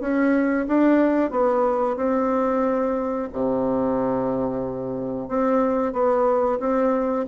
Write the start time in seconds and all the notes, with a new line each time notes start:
0.00 C#4
0.67 D4
1.31 B3
1.96 C4
3.33 C3
5.28 C4
5.93 B3
6.59 C4